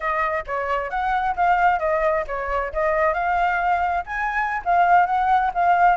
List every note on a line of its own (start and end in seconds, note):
0.00 0.43 D#5
0.47 0.90 C#5
0.90 1.35 F#5
1.35 1.79 F5
1.79 2.24 D#5
2.27 2.72 C#5
2.72 3.13 D#5
3.13 4.04 F5
4.06 4.62 G#5
4.64 5.06 F5
5.06 5.51 F#5
5.54 5.97 F5